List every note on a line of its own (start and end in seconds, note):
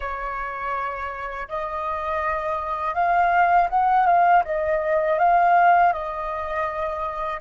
0.00 1.48 C#5
1.48 2.94 D#5
2.94 3.68 F5
3.69 4.06 F#5
4.06 4.43 F5
4.44 5.18 D#5
5.18 5.92 F5
5.93 7.41 D#5